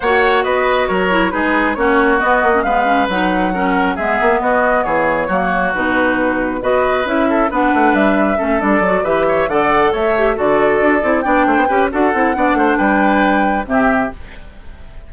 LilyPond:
<<
  \new Staff \with { instrumentName = "flute" } { \time 4/4 \tempo 4 = 136 fis''4 dis''4 cis''4 b'4 | cis''4 dis''4 f''4 fis''4~ | fis''4 e''4 dis''4 cis''4~ | cis''4 b'2 dis''4 |
e''4 fis''4 e''4. d''8~ | d''8 e''4 fis''4 e''4 d''8~ | d''4. g''4. fis''4~ | fis''4 g''2 e''4 | }
  \new Staff \with { instrumentName = "oboe" } { \time 4/4 cis''4 b'4 ais'4 gis'4 | fis'2 b'2 | ais'4 gis'4 fis'4 gis'4 | fis'2. b'4~ |
b'8 a'8 b'2 a'4~ | a'8 b'8 cis''8 d''4 cis''4 a'8~ | a'4. d''8 c''8 b'8 a'4 | d''8 c''8 b'2 g'4 | }
  \new Staff \with { instrumentName = "clarinet" } { \time 4/4 fis'2~ fis'8 e'8 dis'4 | cis'4 b8. cis'16 b8 cis'8 dis'4 | cis'4 b2. | ais4 dis'2 fis'4 |
e'4 d'2 cis'8 d'8 | fis'8 g'4 a'4. g'8 fis'8~ | fis'4 e'8 d'4 g'8 fis'8 e'8 | d'2. c'4 | }
  \new Staff \with { instrumentName = "bassoon" } { \time 4/4 ais4 b4 fis4 gis4 | ais4 b8 ais8 gis4 fis4~ | fis4 gis8 ais8 b4 e4 | fis4 b,2 b4 |
cis'4 b8 a8 g4 a8 g8 | fis8 e4 d4 a4 d8~ | d8 d'8 c'8 b8 a16 b16 cis'8 d'8 c'8 | b8 a8 g2 c4 | }
>>